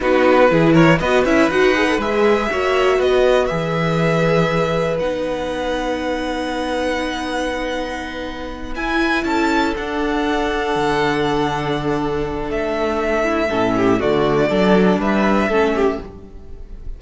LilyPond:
<<
  \new Staff \with { instrumentName = "violin" } { \time 4/4 \tempo 4 = 120 b'4. cis''8 dis''8 e''8 fis''4 | e''2 dis''4 e''4~ | e''2 fis''2~ | fis''1~ |
fis''4. gis''4 a''4 fis''8~ | fis''1~ | fis''4 e''2. | d''2 e''2 | }
  \new Staff \with { instrumentName = "violin" } { \time 4/4 fis'4 gis'8 ais'8 b'2~ | b'4 cis''4 b'2~ | b'1~ | b'1~ |
b'2~ b'8 a'4.~ | a'1~ | a'2~ a'8 e'8 a'8 g'8 | fis'4 a'4 b'4 a'8 g'8 | }
  \new Staff \with { instrumentName = "viola" } { \time 4/4 dis'4 e'4 fis'8 e'8 fis'8 gis'16 a'16 | gis'4 fis'2 gis'4~ | gis'2 dis'2~ | dis'1~ |
dis'4. e'2 d'8~ | d'1~ | d'2. cis'4 | a4 d'2 cis'4 | }
  \new Staff \with { instrumentName = "cello" } { \time 4/4 b4 e4 b8 cis'8 dis'4 | gis4 ais4 b4 e4~ | e2 b2~ | b1~ |
b4. e'4 cis'4 d'8~ | d'4. d2~ d8~ | d4 a2 a,4 | d4 fis4 g4 a4 | }
>>